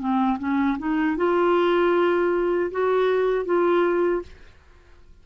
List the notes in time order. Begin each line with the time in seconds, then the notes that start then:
0.00 C4
0.39 C#4
0.79 D#4
1.17 F4
2.71 F#4
3.45 F4